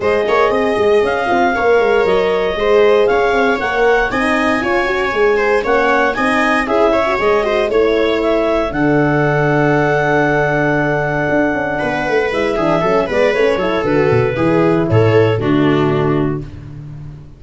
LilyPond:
<<
  \new Staff \with { instrumentName = "clarinet" } { \time 4/4 \tempo 4 = 117 dis''2 f''2 | dis''2 f''4 fis''4 | gis''2. fis''4 | gis''4 e''4 dis''4 cis''4 |
e''4 fis''2.~ | fis''1 | e''4. d''8 cis''4 b'4~ | b'4 cis''4 fis'2 | }
  \new Staff \with { instrumentName = "viola" } { \time 4/4 c''8 cis''8 dis''2 cis''4~ | cis''4 c''4 cis''2 | dis''4 cis''4. c''8 cis''4 | dis''4 gis'8 cis''4 c''8 cis''4~ |
cis''4 a'2.~ | a'2. b'4~ | b'8 gis'8 a'8 b'4 a'4. | gis'4 a'4 d'2 | }
  \new Staff \with { instrumentName = "horn" } { \time 4/4 gis'2~ gis'8 f'8 ais'4~ | ais'4 gis'2 ais'4 | dis'4 f'8 fis'8 gis'4 cis'4 | dis'4 e'8. fis'16 gis'8 fis'8 e'4~ |
e'4 d'2.~ | d'1 | e'8 d'8 cis'8 b8 cis'8 e'8 fis'4 | e'2 a2 | }
  \new Staff \with { instrumentName = "tuba" } { \time 4/4 gis8 ais8 c'8 gis8 cis'8 c'8 ais8 gis8 | fis4 gis4 cis'8 c'8 ais4 | c'4 cis'4 gis4 ais4 | c'4 cis'4 gis4 a4~ |
a4 d2.~ | d2 d'8 cis'8 b8 a8 | gis8 e8 fis8 gis8 a8 fis8 d8 b,8 | e4 a,4 d2 | }
>>